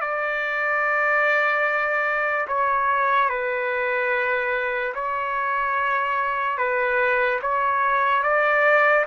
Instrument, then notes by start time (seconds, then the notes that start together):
trumpet
0.00 D5
2.47 C#5
3.29 B4
4.94 C#5
6.57 B4
7.42 C#5
8.23 D5